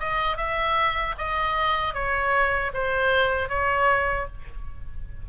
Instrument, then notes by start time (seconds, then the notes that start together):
oboe
0.00 D#5
0.37 E5
1.18 D#5
1.94 C#5
2.74 C5
3.49 C#5